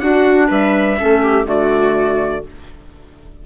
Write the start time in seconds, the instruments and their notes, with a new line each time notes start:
0.00 clarinet D4, bassoon D4, viola F#4, trumpet F#5
0.47 bassoon G3, viola B4, trumpet E5
0.97 bassoon A3, clarinet C#4, viola A4
1.22 viola G4
1.44 bassoon D3, clarinet A3, viola F#4, trumpet D5